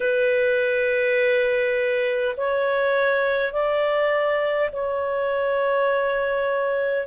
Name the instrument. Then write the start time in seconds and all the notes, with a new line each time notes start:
clarinet
0.00 B4
2.36 C#5
3.52 D5
4.72 C#5